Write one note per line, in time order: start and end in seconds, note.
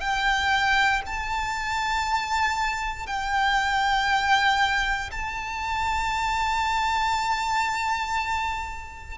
0.00 1.02 G5
1.06 3.06 A5
3.06 5.10 G5
5.11 9.18 A5